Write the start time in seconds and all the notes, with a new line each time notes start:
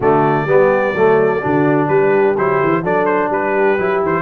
0.00 D3 A3 F#4 D5
0.45 G3 B3 G4
0.93 F#3 A3 A4
1.40 D3 D4 F#4
1.87 G3 G4 B4
2.37 F#3 E4 C5
2.63 E3
2.82 F#3 D4 A4 D5
3.05 C5
3.29 G3 G4 B4
3.78 F#3 E4
4.02 E3 C5